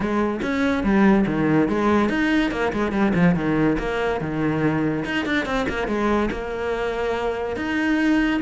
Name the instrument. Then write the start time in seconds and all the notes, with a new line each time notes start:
cello
0.00 G#3
0.42 C#4
0.83 G3
1.26 D#3
1.68 G#3
2.09 D#4
2.51 A#3
2.72 G#3
2.92 G3
3.14 F3
3.35 D#3
3.78 A#3
4.20 D#3
5.04 D#4
5.25 D4
5.45 C4
5.68 A#3
5.87 G#3
6.31 A#3
7.56 D#4